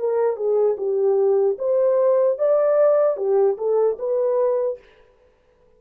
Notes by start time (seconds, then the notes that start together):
0.00 A#4
0.37 G#4
0.78 G4
1.59 C5
2.39 D5
3.17 G4
3.58 A4
3.99 B4